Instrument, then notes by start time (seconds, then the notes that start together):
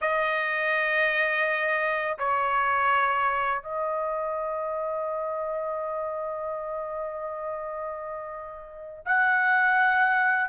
trumpet
0.01 D#5
2.18 C#5
3.62 D#5
9.05 F#5